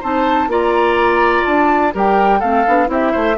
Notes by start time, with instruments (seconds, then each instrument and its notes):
0.00 bassoon C4, clarinet D#4, oboe C5, flute A5
0.48 bassoon A#3, clarinet F4, oboe D5, flute A#5
1.45 bassoon D4, flute A5
1.93 bassoon G3, clarinet G4, oboe A#4, flute G5
2.39 bassoon A3, clarinet C4, oboe A4, flute F5
2.67 bassoon B3, clarinet D4
2.86 bassoon C4, clarinet E4, oboe G4, flute E5
3.12 bassoon A3, oboe C5